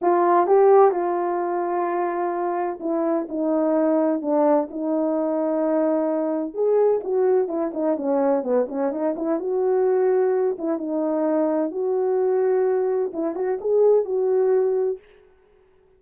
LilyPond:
\new Staff \with { instrumentName = "horn" } { \time 4/4 \tempo 4 = 128 f'4 g'4 f'2~ | f'2 e'4 dis'4~ | dis'4 d'4 dis'2~ | dis'2 gis'4 fis'4 |
e'8 dis'8 cis'4 b8 cis'8 dis'8 e'8 | fis'2~ fis'8 e'8 dis'4~ | dis'4 fis'2. | e'8 fis'8 gis'4 fis'2 | }